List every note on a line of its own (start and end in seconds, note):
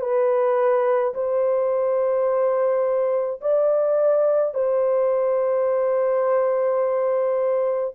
0.00 1.13 B4
1.14 3.40 C5
3.41 4.54 D5
4.54 7.93 C5